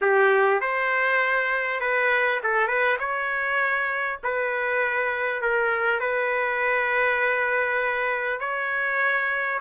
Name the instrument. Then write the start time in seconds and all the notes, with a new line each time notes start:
trumpet
0.01 G4
0.60 C5
1.80 B4
2.43 A4
2.67 B4
2.99 C#5
4.23 B4
5.41 A#4
5.99 B4
8.39 C#5